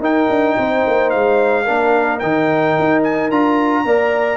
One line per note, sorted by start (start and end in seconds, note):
0.00 0.27 D#4
0.00 1.65 D#4
0.00 0.56 A#4
0.00 1.10 G5
0.29 0.57 D4
0.57 0.84 C4
0.57 1.64 C5
0.86 1.14 A#3
1.10 1.68 G#3
1.10 2.19 F5
1.64 2.22 A#3
1.64 2.20 D4
1.64 3.82 A#4
2.19 2.77 D#3
2.19 3.31 D#4
2.19 3.01 G5
2.79 3.30 D#4
3.03 3.30 G#5
3.30 3.85 D4
3.30 3.86 F4
3.30 4.37 A#5
3.85 4.37 A#3
3.85 4.37 A#4
3.85 4.37 D5